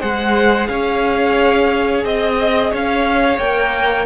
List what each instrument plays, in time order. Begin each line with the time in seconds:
0.00 cello G#3, viola G#4, violin C5 F#5
0.67 cello C#4, violin C#5 F5
2.05 cello C4, violin D#5
2.71 cello C#4, violin C#5 F5
3.38 cello A#3, viola A#4, violin G5